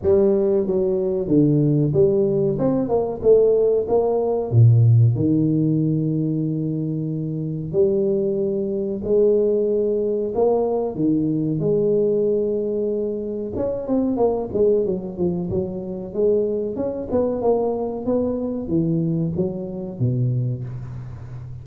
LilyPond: \new Staff \with { instrumentName = "tuba" } { \time 4/4 \tempo 4 = 93 g4 fis4 d4 g4 | c'8 ais8 a4 ais4 ais,4 | dis1 | g2 gis2 |
ais4 dis4 gis2~ | gis4 cis'8 c'8 ais8 gis8 fis8 f8 | fis4 gis4 cis'8 b8 ais4 | b4 e4 fis4 b,4 | }